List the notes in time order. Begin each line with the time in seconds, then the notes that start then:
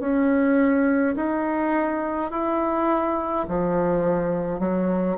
0.00 C#4
1.16 D#4
2.31 E4
3.48 F3
4.59 F#3